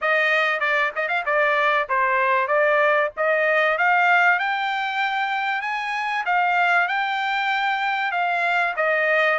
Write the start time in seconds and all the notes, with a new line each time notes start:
0.01 D#5
0.60 D5
0.95 D#5
1.08 F5
1.25 D5
1.88 C5
2.47 D5
3.16 D#5
3.78 F5
4.39 G5
5.61 G#5
6.25 F5
6.88 G5
8.11 F5
8.76 D#5